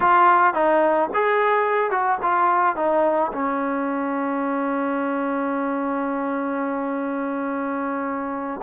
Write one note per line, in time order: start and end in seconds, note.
0.00 0.54 F4
0.54 1.09 D#4
1.14 1.90 G#4
1.90 2.18 F#4
2.22 2.76 F4
2.76 3.31 D#4
3.33 8.60 C#4